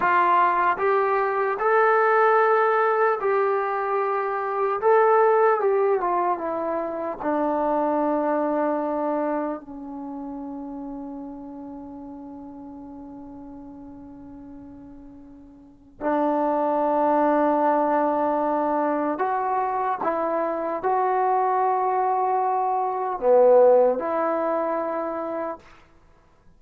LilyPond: \new Staff \with { instrumentName = "trombone" } { \time 4/4 \tempo 4 = 75 f'4 g'4 a'2 | g'2 a'4 g'8 f'8 | e'4 d'2. | cis'1~ |
cis'1 | d'1 | fis'4 e'4 fis'2~ | fis'4 b4 e'2 | }